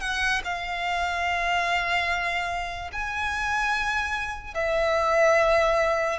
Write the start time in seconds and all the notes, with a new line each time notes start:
0.00 F#5
0.44 F5
2.92 G#5
4.54 E5